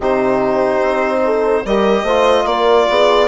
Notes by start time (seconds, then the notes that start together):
0.00 C3 D#4 G4 C5
0.81 C4
1.24 A4
1.65 G3 G4 A#4 D#5
2.03 A3 F4 C5
2.45 A#3 A#4 D5
2.89 B3 G#4